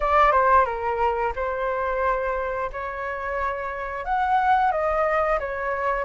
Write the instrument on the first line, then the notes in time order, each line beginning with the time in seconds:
flute
0.00 D5
0.31 C5
0.65 A#4
1.35 C5
2.72 C#5
4.04 F#5
4.71 D#5
5.39 C#5